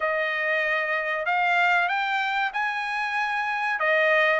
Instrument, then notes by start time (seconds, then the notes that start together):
trumpet
0.00 D#5
1.25 F5
1.88 G5
2.53 G#5
3.79 D#5